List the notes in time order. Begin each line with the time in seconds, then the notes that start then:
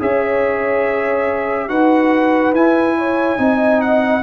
0.00 C#4 G#4 C#5 E5
1.69 D#4 F#4 B4 F#5
2.53 E4 G#5
2.98 C#5
3.38 C4 D#4 D#5
3.81 F#5